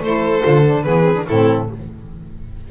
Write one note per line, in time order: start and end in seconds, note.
0.00 0.42 A3
0.00 0.42 E4
0.00 0.85 A4
0.00 0.83 C5
0.42 0.86 D3
0.42 0.63 F4
0.66 0.86 D4
0.83 1.28 E3
0.83 1.04 B3
0.83 1.27 G#4
0.83 1.24 B4
1.04 1.14 C4
1.15 1.25 D4
1.29 1.71 A2
1.29 1.71 C4
1.29 1.71 E4
1.29 1.70 A4